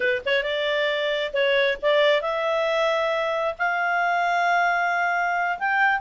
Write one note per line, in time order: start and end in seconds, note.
0.00 0.22 B4
0.25 0.43 C#5
0.43 1.32 D5
1.33 1.77 C#5
1.82 2.21 D5
2.21 3.54 E5
3.58 5.58 F5
5.58 6.00 G5